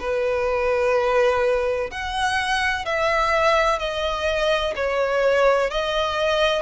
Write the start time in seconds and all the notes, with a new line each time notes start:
0.00 B4
1.91 F#5
2.85 E5
3.79 D#5
4.76 C#5
5.71 D#5